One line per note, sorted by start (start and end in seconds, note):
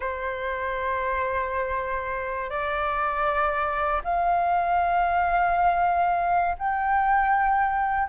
0.00 2.50 C5
2.50 4.01 D5
4.03 6.55 F5
6.58 8.08 G5